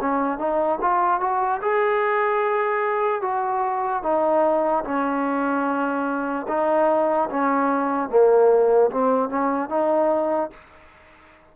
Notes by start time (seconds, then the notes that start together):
0.00 C#4
0.38 D#4
0.81 F4
1.20 F#4
1.61 G#4
3.21 F#4
4.02 D#4
4.84 C#4
6.48 D#4
7.30 C#4
8.09 A#3
8.90 C4
9.29 C#4
9.69 D#4